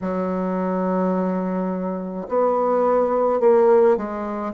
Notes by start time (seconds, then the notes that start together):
0.01 F#3
2.28 B3
3.40 A#3
3.96 G#3